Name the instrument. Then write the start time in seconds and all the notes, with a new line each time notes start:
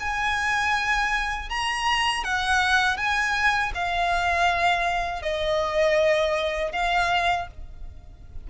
violin
0.00 G#5
1.50 A#5
2.24 F#5
2.97 G#5
3.75 F5
5.22 D#5
6.73 F5